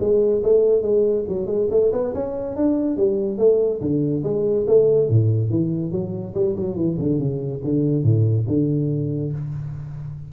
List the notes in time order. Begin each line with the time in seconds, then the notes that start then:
0.00 G#3
0.43 A3
0.82 G#3
1.28 F#3
1.47 G#3
1.71 A3
1.92 B3
2.14 C#4
2.56 D4
2.97 G3
3.38 A3
3.81 D3
4.24 G#3
4.67 A3
5.09 A2
5.50 E3
5.92 F#3
6.35 G3
6.56 F#3
6.76 E3
6.98 D3
7.19 C#3
7.64 D3
8.04 A2
8.48 D3